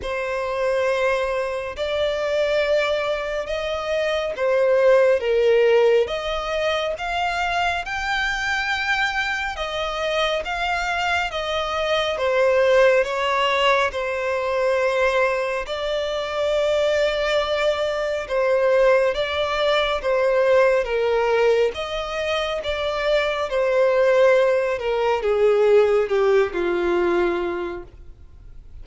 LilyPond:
\new Staff \with { instrumentName = "violin" } { \time 4/4 \tempo 4 = 69 c''2 d''2 | dis''4 c''4 ais'4 dis''4 | f''4 g''2 dis''4 | f''4 dis''4 c''4 cis''4 |
c''2 d''2~ | d''4 c''4 d''4 c''4 | ais'4 dis''4 d''4 c''4~ | c''8 ais'8 gis'4 g'8 f'4. | }